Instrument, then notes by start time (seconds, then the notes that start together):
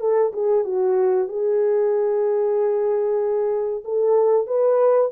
horn
0.00 A4
0.33 G#4
0.65 F#4
1.29 G#4
3.85 A4
4.47 B4